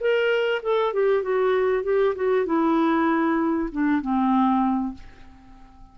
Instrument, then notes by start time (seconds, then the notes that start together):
clarinet
0.00 A#4
0.63 A4
0.93 G4
1.23 F#4
1.84 G4
2.15 F#4
2.46 E4
3.72 D4
4.01 C4